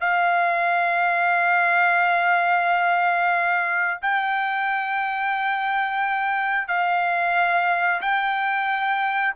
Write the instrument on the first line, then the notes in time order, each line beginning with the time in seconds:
trumpet
0.00 F5
4.02 G5
6.67 F5
8.01 G5